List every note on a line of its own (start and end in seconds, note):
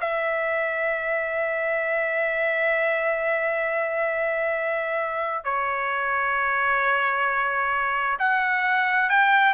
0.00 5.44 E5
5.44 8.17 C#5
8.19 9.09 F#5
9.09 9.54 G5